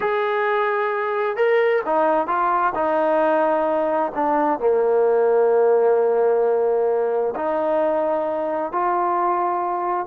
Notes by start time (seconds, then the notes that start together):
0.00 G#4
1.36 A#4
1.85 D#4
2.27 F4
2.74 D#4
4.15 D4
4.59 A#3
7.35 D#4
8.71 F4